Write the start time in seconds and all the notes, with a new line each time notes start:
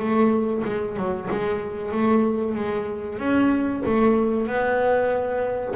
0.00 A3
0.65 G#3
0.97 F#3
1.31 G#3
1.92 A3
2.55 G#3
3.19 C#4
3.86 A3
4.47 B3